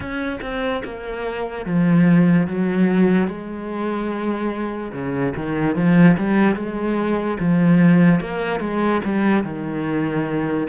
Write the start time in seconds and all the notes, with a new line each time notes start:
0.00 C#4
0.41 C4
0.84 A#3
1.65 F3
2.47 F#3
3.27 G#3
4.92 C#3
5.36 D#3
5.75 F3
6.17 G3
6.55 G#3
7.39 F3
8.20 A#3
8.60 G#3
9.04 G3
9.43 D#3